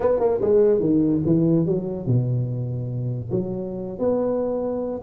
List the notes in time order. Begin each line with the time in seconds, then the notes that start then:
0.00 B3
0.19 A#3
0.41 G#3
0.80 D#3
1.25 E3
1.66 F#3
2.06 B2
3.31 F#3
3.99 B3